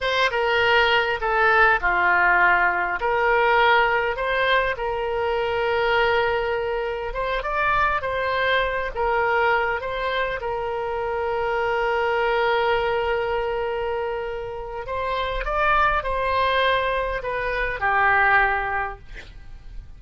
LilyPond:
\new Staff \with { instrumentName = "oboe" } { \time 4/4 \tempo 4 = 101 c''8 ais'4. a'4 f'4~ | f'4 ais'2 c''4 | ais'1 | c''8 d''4 c''4. ais'4~ |
ais'8 c''4 ais'2~ ais'8~ | ais'1~ | ais'4 c''4 d''4 c''4~ | c''4 b'4 g'2 | }